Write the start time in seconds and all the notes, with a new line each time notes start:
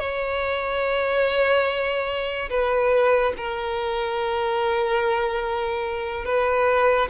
0.00 C#5
2.50 B4
3.37 A#4
6.26 B4